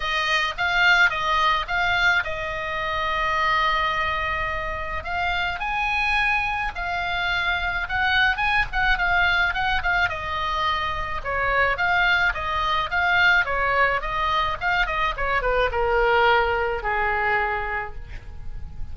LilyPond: \new Staff \with { instrumentName = "oboe" } { \time 4/4 \tempo 4 = 107 dis''4 f''4 dis''4 f''4 | dis''1~ | dis''4 f''4 gis''2 | f''2 fis''4 gis''8 fis''8 |
f''4 fis''8 f''8 dis''2 | cis''4 f''4 dis''4 f''4 | cis''4 dis''4 f''8 dis''8 cis''8 b'8 | ais'2 gis'2 | }